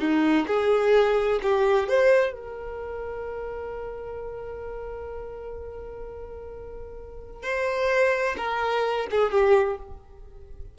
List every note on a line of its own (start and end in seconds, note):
0.00 0.47 D#4
0.47 1.40 G#4
1.43 1.89 G4
1.89 2.33 C5
2.33 7.43 A#4
7.43 8.36 C5
8.38 9.07 A#4
9.11 9.32 G#4
9.32 9.78 G4